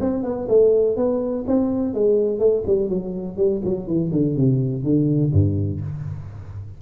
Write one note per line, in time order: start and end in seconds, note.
0.00 0.23 C4
0.23 0.47 B3
0.48 0.96 A3
0.96 1.44 B3
1.47 1.94 C4
1.94 2.39 G#3
2.39 2.63 A3
2.66 2.89 G3
2.89 3.37 F#3
3.37 3.61 G3
3.64 3.87 F#3
3.87 4.11 E3
4.11 4.35 D3
4.35 4.83 C3
4.83 5.32 D3
5.32 5.80 G2